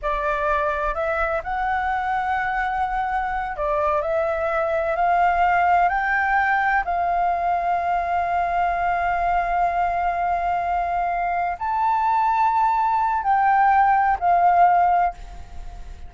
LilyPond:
\new Staff \with { instrumentName = "flute" } { \time 4/4 \tempo 4 = 127 d''2 e''4 fis''4~ | fis''2.~ fis''8 d''8~ | d''8 e''2 f''4.~ | f''8 g''2 f''4.~ |
f''1~ | f''1~ | f''8 a''2.~ a''8 | g''2 f''2 | }